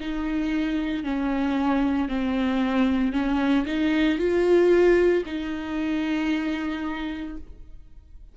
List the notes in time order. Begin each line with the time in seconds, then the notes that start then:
0.00 D#4
1.04 C#4
2.09 C4
3.12 C#4
3.66 D#4
4.18 F4
5.26 D#4